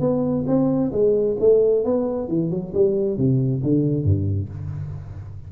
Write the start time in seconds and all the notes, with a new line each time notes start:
0.00 B3
0.47 C4
0.92 G#3
1.39 A3
1.84 B3
2.28 E3
2.50 F#3
2.74 G3
3.17 C3
3.63 D3
4.04 G2